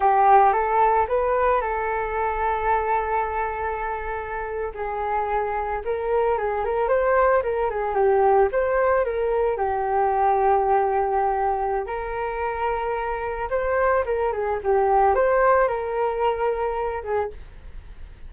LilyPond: \new Staff \with { instrumentName = "flute" } { \time 4/4 \tempo 4 = 111 g'4 a'4 b'4 a'4~ | a'1~ | a'8. gis'2 ais'4 gis'16~ | gis'16 ais'8 c''4 ais'8 gis'8 g'4 c''16~ |
c''8. ais'4 g'2~ g'16~ | g'2 ais'2~ | ais'4 c''4 ais'8 gis'8 g'4 | c''4 ais'2~ ais'8 gis'8 | }